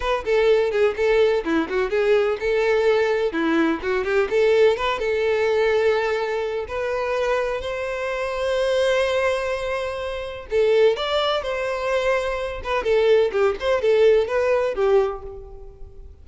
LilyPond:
\new Staff \with { instrumentName = "violin" } { \time 4/4 \tempo 4 = 126 b'8 a'4 gis'8 a'4 e'8 fis'8 | gis'4 a'2 e'4 | fis'8 g'8 a'4 b'8 a'4.~ | a'2 b'2 |
c''1~ | c''2 a'4 d''4 | c''2~ c''8 b'8 a'4 | g'8 c''8 a'4 b'4 g'4 | }